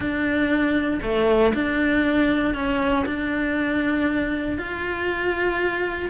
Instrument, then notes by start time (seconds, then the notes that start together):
cello
0.00 D4
1.02 A3
1.54 D4
2.54 C#4
3.06 D4
4.58 F4